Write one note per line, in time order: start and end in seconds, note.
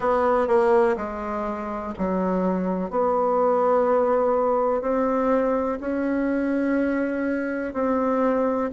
0.00 0.47 B3
0.47 0.95 A#3
0.96 1.93 G#3
1.98 2.90 F#3
2.90 4.81 B3
4.81 5.78 C4
5.80 7.73 C#4
7.73 8.70 C4